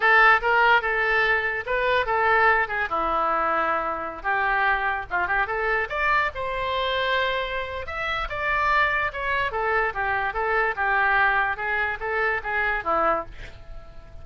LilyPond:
\new Staff \with { instrumentName = "oboe" } { \time 4/4 \tempo 4 = 145 a'4 ais'4 a'2 | b'4 a'4. gis'8 e'4~ | e'2~ e'16 g'4.~ g'16~ | g'16 f'8 g'8 a'4 d''4 c''8.~ |
c''2. e''4 | d''2 cis''4 a'4 | g'4 a'4 g'2 | gis'4 a'4 gis'4 e'4 | }